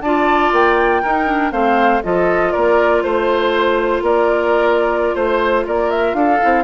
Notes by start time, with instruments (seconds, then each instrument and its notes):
0.00 bassoon D4, clarinet F4, oboe D5, flute A5
0.52 bassoon A#3, flute G5
1.02 clarinet D#4, bassoon D#4, oboe A#4
1.26 clarinet D4
1.51 bassoon A3, clarinet C4, oboe C5, flute F5
2.03 bassoon F3, clarinet F4, oboe A4, flute D#5
2.52 bassoon A#3, oboe A#4, flute D5
3.02 bassoon A3, flute C5, oboe C5
4.02 bassoon A#3, oboe A#4, flute D5
5.15 bassoon A3, oboe C5, flute C5
5.67 bassoon A#3, oboe A#4, flute D5
5.90 flute E5
6.13 bassoon D4, oboe A4, flute F5
6.41 bassoon C4, clarinet E4